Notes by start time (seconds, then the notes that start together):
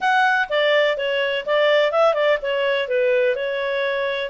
0.00 F#5
0.49 D5
0.97 C#5
1.45 D5
1.91 E5
2.14 D5
2.42 C#5
2.88 B4
3.35 C#5